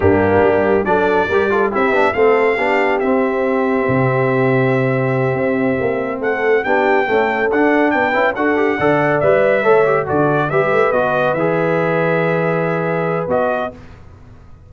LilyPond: <<
  \new Staff \with { instrumentName = "trumpet" } { \time 4/4 \tempo 4 = 140 g'2 d''2 | e''4 f''2 e''4~ | e''1~ | e''2~ e''8 fis''4 g''8~ |
g''4. fis''4 g''4 fis''8~ | fis''4. e''2 d''8~ | d''8 e''4 dis''4 e''4.~ | e''2. dis''4 | }
  \new Staff \with { instrumentName = "horn" } { \time 4/4 d'2 a'4 ais'8 a'8 | g'4 a'4 g'2~ | g'1~ | g'2~ g'8 a'4 g'8~ |
g'8 a'2 b'4 a'8~ | a'8 d''2 cis''4 a'8~ | a'8 b'2.~ b'8~ | b'1 | }
  \new Staff \with { instrumentName = "trombone" } { \time 4/4 ais2 d'4 g'8 f'8 | e'8 d'8 c'4 d'4 c'4~ | c'1~ | c'2.~ c'8 d'8~ |
d'8 a4 d'4. e'8 fis'8 | g'8 a'4 b'4 a'8 g'8 fis'8~ | fis'8 g'4 fis'4 gis'4.~ | gis'2. fis'4 | }
  \new Staff \with { instrumentName = "tuba" } { \time 4/4 g,4 g4 fis4 g4 | c'8 b8 a4 b4 c'4~ | c'4 c2.~ | c8 c'4 ais4 a4 b8~ |
b8 cis'4 d'4 b8 cis'8 d'8~ | d'8 d4 g4 a4 d8~ | d8 g8 a8 b4 e4.~ | e2. b4 | }
>>